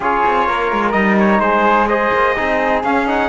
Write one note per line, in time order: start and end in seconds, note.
0.00 0.23 C#4
0.00 0.94 F4
0.00 0.46 G#4
0.00 0.91 C#5
0.25 0.49 C4
0.48 0.72 A#3
0.48 1.41 A#4
0.72 0.93 G#3
0.91 1.39 G3
0.91 1.88 D#4
0.91 1.14 D#5
1.19 1.40 C#5
1.39 2.10 G#3
1.39 1.88 G#4
1.39 1.87 C5
1.87 2.36 G#4
1.87 2.36 C5
1.87 2.82 D#5
2.12 2.36 A#3
2.36 2.83 C4
2.36 2.83 D#4
2.36 3.28 G#4
2.83 3.28 C#4
2.83 3.06 C#4
2.83 3.07 F5
3.06 3.28 D#4
3.06 3.28 F#5